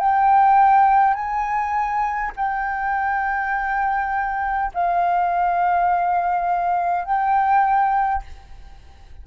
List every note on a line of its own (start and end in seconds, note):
0.00 1.14 G5
1.14 2.32 G#5
2.37 4.72 G5
4.74 7.05 F5
7.05 8.23 G5